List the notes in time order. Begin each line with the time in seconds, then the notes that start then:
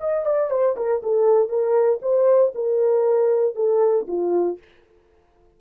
0.00 D#5
0.25 D5
0.50 C5
0.76 A#4
1.03 A4
1.49 A#4
2.02 C5
2.54 A#4
3.55 A4
4.08 F4